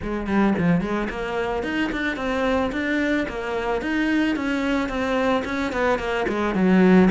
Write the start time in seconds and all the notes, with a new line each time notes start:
0.02 G#3
0.27 G3
0.58 F3
0.81 G#3
1.09 A#3
1.63 D#4
1.92 D4
2.16 C4
2.71 D4
3.28 A#3
3.81 D#4
4.36 C#4
4.88 C4
5.44 C#4
5.72 B3
5.99 A#3
6.28 G#3
6.55 F#3